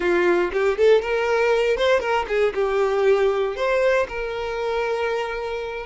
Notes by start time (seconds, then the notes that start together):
0.00 F4
0.52 G4
0.77 A4
1.01 A#4
1.77 C5
2.00 A#4
2.27 G#4
2.54 G4
3.56 C5
4.08 A#4